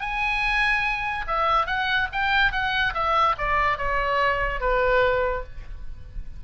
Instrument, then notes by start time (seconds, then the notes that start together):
oboe
0.00 G#5
1.27 E5
1.66 F#5
2.12 G5
2.52 F#5
2.94 E5
3.38 D5
3.77 C#5
4.60 B4